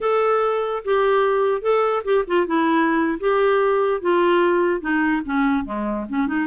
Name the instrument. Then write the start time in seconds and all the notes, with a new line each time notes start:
clarinet
0.00 A4
0.84 G4
1.61 A4
2.04 G4
2.27 F4
2.47 E4
3.19 G4
4.01 F4
4.80 D#4
5.25 C#4
5.64 G#3
6.09 C#4
6.27 D#4